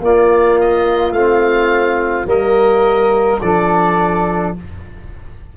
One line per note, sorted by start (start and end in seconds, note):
0.00 1.12 A#3
0.00 1.15 A#3
0.00 2.28 F4
0.00 0.60 D5
0.60 1.13 D#5
1.12 2.25 A3
1.12 2.26 C4
1.12 2.26 F5
2.26 3.39 G3
2.26 3.39 A#3
2.26 3.41 A#4
2.26 3.41 D#5
3.41 4.56 F3
3.41 4.56 D4
3.41 4.57 A4
3.41 4.54 D5